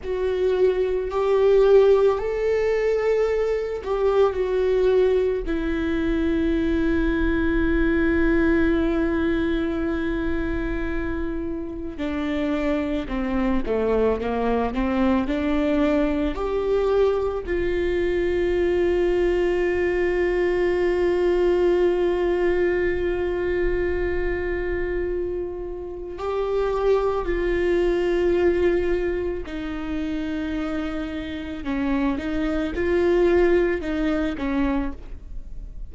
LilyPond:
\new Staff \with { instrumentName = "viola" } { \time 4/4 \tempo 4 = 55 fis'4 g'4 a'4. g'8 | fis'4 e'2.~ | e'2. d'4 | c'8 a8 ais8 c'8 d'4 g'4 |
f'1~ | f'1 | g'4 f'2 dis'4~ | dis'4 cis'8 dis'8 f'4 dis'8 cis'8 | }